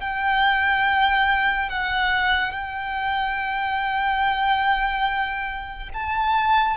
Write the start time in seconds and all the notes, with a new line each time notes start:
0.00 G5
1.69 F#5
2.51 G5
5.93 A5